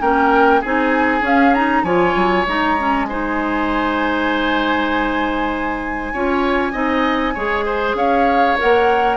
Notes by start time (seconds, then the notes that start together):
0.00 A#3 C#4 A#4 G5
0.60 C4 D#4 G#4 G#5
1.21 C#4 F5
1.54 D#4 A#5
1.83 F3 F4 C#5 G#5
2.15 F#3
2.46 G#3 D#4 A#5
2.78 C#4
3.05 D#4 C5 G#5
6.13 C#4 F4 C#5
6.72 C4 D#4 D#5
7.34 G#3 G#4 C#5
7.65 C5
7.94 C#4 C#5 F5
8.57 A#3 A#4 F#5